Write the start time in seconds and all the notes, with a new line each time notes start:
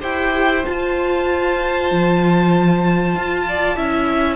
0.00 E4 G4 C5 G5
0.64 F4 A5
1.91 F3
3.16 F4
3.48 D5
3.76 C#4 E4 E5